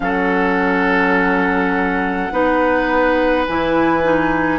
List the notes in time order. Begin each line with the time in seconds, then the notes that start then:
0.00 F#3 C#4 A4 F#5
2.31 B3 D#4 B4
3.46 E3 E4 G#5
4.03 D#4